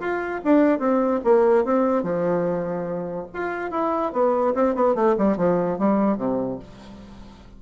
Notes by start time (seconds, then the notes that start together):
0.00 F4
0.44 D4
0.79 C4
1.24 A#3
1.65 C4
2.03 F3
3.34 F4
3.71 E4
4.13 B3
4.55 C4
4.75 B3
4.95 A3
5.18 G3
5.37 F3
5.79 G3
6.18 C3